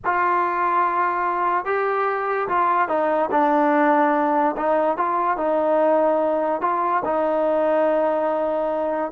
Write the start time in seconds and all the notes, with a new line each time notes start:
0.05 F4
1.65 G4
2.48 F4
2.88 D#4
3.31 D4
4.56 D#4
4.97 F4
5.37 D#4
6.61 F4
7.05 D#4